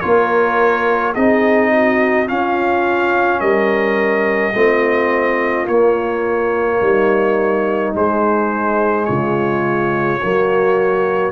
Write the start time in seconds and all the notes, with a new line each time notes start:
0.00 A#3 F4 A#4 C#5
1.14 C4 D#4 G#4 D#5
1.71 F#4
2.27 C#4 F4 F5
3.40 G3 A#4 D#5
4.54 A3 C4 F4
5.67 A#3 C#5
6.81 G3 D#4
7.94 G#3 C5
9.05 C#3 F4 C#5
10.20 F#3 A#3 F#4